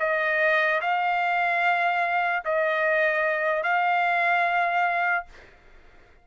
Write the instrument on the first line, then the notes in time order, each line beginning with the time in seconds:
trumpet
0.00 D#5
0.81 F5
2.45 D#5
3.63 F5